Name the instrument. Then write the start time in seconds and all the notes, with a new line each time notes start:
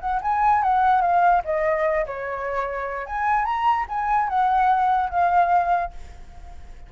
flute
0.00 F#5
0.22 G#5
0.63 F#5
1.01 F5
1.45 D#5
2.06 C#5
3.06 G#5
3.45 A#5
3.89 G#5
4.28 F#5
5.10 F5